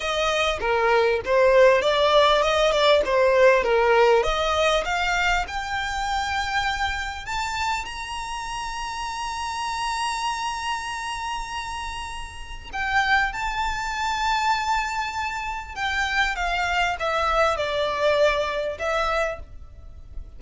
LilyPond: \new Staff \with { instrumentName = "violin" } { \time 4/4 \tempo 4 = 99 dis''4 ais'4 c''4 d''4 | dis''8 d''8 c''4 ais'4 dis''4 | f''4 g''2. | a''4 ais''2.~ |
ais''1~ | ais''4 g''4 a''2~ | a''2 g''4 f''4 | e''4 d''2 e''4 | }